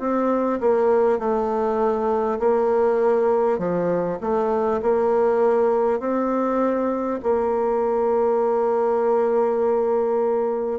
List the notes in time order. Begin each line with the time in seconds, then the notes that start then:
0.00 C4
0.61 A#3
1.19 A3
2.39 A#3
3.58 F3
4.21 A3
4.82 A#3
6.00 C4
7.23 A#3